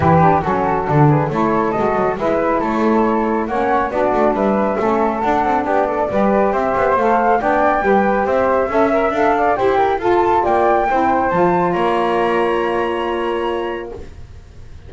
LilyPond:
<<
  \new Staff \with { instrumentName = "flute" } { \time 4/4 \tempo 4 = 138 b'4 a'4. b'8 cis''4 | dis''4 e''4 cis''2 | fis''4 d''4 e''2 | fis''4 d''2 e''4 |
f''4 g''2 e''4~ | e''4 f''4 g''4 a''4 | g''2 a''4 ais''4~ | ais''1 | }
  \new Staff \with { instrumentName = "flute" } { \time 4/4 g'4 fis'4. gis'8 a'4~ | a'4 b'4 a'2 | cis''4 fis'4 b'4 a'4~ | a'4 g'8 a'8 b'4 c''4~ |
c''4 d''4 b'4 c''4 | e''4. d''8 c''8 ais'8 a'4 | d''4 c''2 cis''4~ | cis''1 | }
  \new Staff \with { instrumentName = "saxophone" } { \time 4/4 e'8 d'8 cis'4 d'4 e'4 | fis'4 e'2. | cis'4 d'2 cis'4 | d'2 g'2 |
a'4 d'4 g'2 | a'8 ais'8 a'4 g'4 f'4~ | f'4 e'4 f'2~ | f'1 | }
  \new Staff \with { instrumentName = "double bass" } { \time 4/4 e4 fis4 d4 a4 | gis8 fis8 gis4 a2 | ais4 b8 a8 g4 a4 | d'8 c'8 b4 g4 c'8 b8 |
a4 b4 g4 c'4 | cis'4 d'4 e'4 f'4 | ais4 c'4 f4 ais4~ | ais1 | }
>>